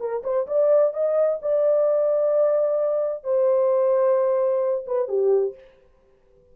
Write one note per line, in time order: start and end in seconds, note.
0.00 0.23 A#4
0.24 0.47 C5
0.47 0.94 D5
0.94 1.40 D#5
1.42 3.24 D5
3.24 4.85 C5
4.87 5.09 B4
5.09 5.55 G4